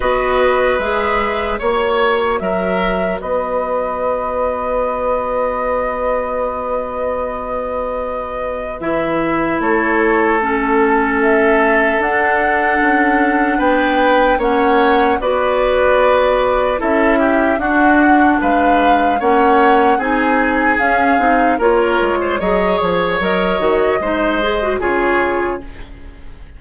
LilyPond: <<
  \new Staff \with { instrumentName = "flute" } { \time 4/4 \tempo 4 = 75 dis''4 e''4 cis''4 e''4 | dis''1~ | dis''2. e''4 | cis''4 a'4 e''4 fis''4~ |
fis''4 g''4 fis''4 d''4~ | d''4 e''4 fis''4 f''4 | fis''4 gis''4 f''4 cis''4 | dis''8 cis''8 dis''2 cis''4 | }
  \new Staff \with { instrumentName = "oboe" } { \time 4/4 b'2 cis''4 ais'4 | b'1~ | b'1 | a'1~ |
a'4 b'4 cis''4 b'4~ | b'4 a'8 g'8 fis'4 b'4 | cis''4 gis'2 ais'8. c''16 | cis''2 c''4 gis'4 | }
  \new Staff \with { instrumentName = "clarinet" } { \time 4/4 fis'4 gis'4 fis'2~ | fis'1~ | fis'2. e'4~ | e'4 cis'2 d'4~ |
d'2 cis'4 fis'4~ | fis'4 e'4 d'2 | cis'4 dis'4 cis'8 dis'8 f'4 | gis'4 ais'8 fis'8 dis'8 gis'16 fis'16 f'4 | }
  \new Staff \with { instrumentName = "bassoon" } { \time 4/4 b4 gis4 ais4 fis4 | b1~ | b2. e4 | a2. d'4 |
cis'4 b4 ais4 b4~ | b4 cis'4 d'4 gis4 | ais4 c'4 cis'8 c'8 ais8 gis8 | fis8 f8 fis8 dis8 gis4 cis4 | }
>>